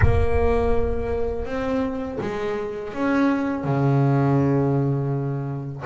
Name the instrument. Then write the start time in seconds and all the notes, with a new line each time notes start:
double bass
0.01 A#3
1.45 C4
2.21 G#3
2.93 C#4
3.64 C#3